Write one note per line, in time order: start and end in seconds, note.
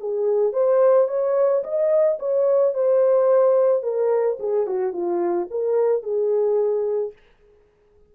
0.00 0.53 G#4
0.53 1.08 C5
1.08 1.63 C#5
1.64 2.19 D#5
2.19 2.74 C#5
2.74 3.83 C5
3.83 4.38 A#4
4.40 4.67 G#4
4.67 4.93 F#4
4.93 5.48 F4
5.51 6.03 A#4
6.03 7.13 G#4